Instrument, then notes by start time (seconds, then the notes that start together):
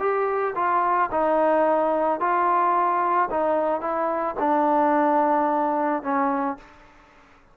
trombone
0.00 G4
0.56 F4
1.12 D#4
2.20 F4
3.31 D#4
3.81 E4
4.40 D4
6.03 C#4